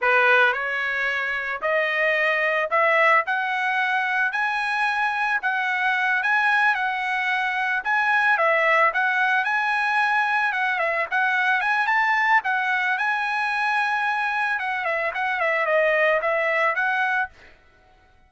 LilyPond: \new Staff \with { instrumentName = "trumpet" } { \time 4/4 \tempo 4 = 111 b'4 cis''2 dis''4~ | dis''4 e''4 fis''2 | gis''2 fis''4. gis''8~ | gis''8 fis''2 gis''4 e''8~ |
e''8 fis''4 gis''2 fis''8 | e''8 fis''4 gis''8 a''4 fis''4 | gis''2. fis''8 e''8 | fis''8 e''8 dis''4 e''4 fis''4 | }